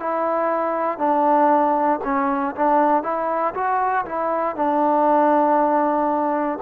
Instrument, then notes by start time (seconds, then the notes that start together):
trombone
0.00 E4
0.98 D4
2.04 C#4
2.55 D4
3.03 E4
3.54 F#4
4.05 E4
4.56 D4